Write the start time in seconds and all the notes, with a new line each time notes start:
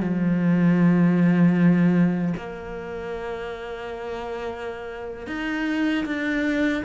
0.00 F3
2.37 A#3
5.27 D#4
6.05 D4